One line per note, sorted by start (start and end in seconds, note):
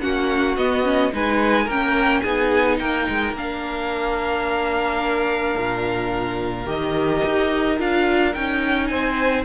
0.00 0.57 A#3
0.00 0.56 C#4
0.00 1.13 F#4
0.00 0.56 F#5
0.57 1.12 B3
0.57 0.84 B3
0.57 1.12 D#5
0.84 1.12 C#4
1.13 1.67 G#3
1.13 1.68 D#4
1.13 1.65 B4
1.13 1.70 G#5
1.65 2.23 A#3
1.65 2.25 C#4
1.65 2.21 A#4
1.65 2.21 G5
2.21 2.80 B3
2.21 3.36 D#4
2.21 2.78 G#4
2.21 2.76 G#5
2.79 3.08 A#3
2.79 8.90 A#4
2.79 3.34 G5
3.09 3.33 G#3
3.33 5.55 A#3
3.33 6.66 D4
3.33 6.69 F5
5.58 6.66 A#2
6.66 7.22 D#3
6.66 7.77 G4
6.66 7.80 D#5
7.25 7.80 D#4
7.78 8.35 D4
7.78 8.34 F4
7.78 8.34 F5
8.34 8.90 C#4
8.34 9.45 D#4
8.34 8.87 G5
8.87 9.45 C4
8.87 9.45 C5
8.87 9.43 G#5